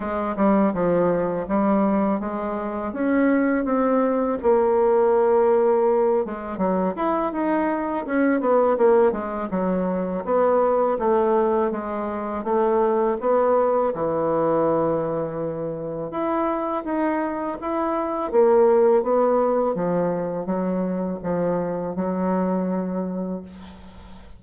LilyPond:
\new Staff \with { instrumentName = "bassoon" } { \time 4/4 \tempo 4 = 82 gis8 g8 f4 g4 gis4 | cis'4 c'4 ais2~ | ais8 gis8 fis8 e'8 dis'4 cis'8 b8 | ais8 gis8 fis4 b4 a4 |
gis4 a4 b4 e4~ | e2 e'4 dis'4 | e'4 ais4 b4 f4 | fis4 f4 fis2 | }